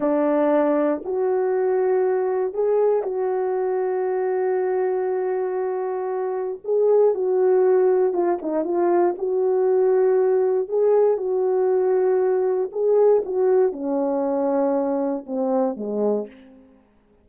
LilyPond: \new Staff \with { instrumentName = "horn" } { \time 4/4 \tempo 4 = 118 d'2 fis'2~ | fis'4 gis'4 fis'2~ | fis'1~ | fis'4 gis'4 fis'2 |
f'8 dis'8 f'4 fis'2~ | fis'4 gis'4 fis'2~ | fis'4 gis'4 fis'4 cis'4~ | cis'2 c'4 gis4 | }